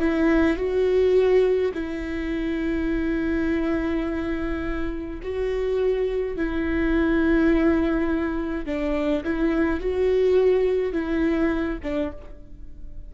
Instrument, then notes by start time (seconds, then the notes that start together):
viola
0.00 E4
0.57 F#4
1.74 E4
5.23 F#4
6.37 E4
8.66 D4
9.24 E4
9.81 F#4
10.93 E4
11.83 D4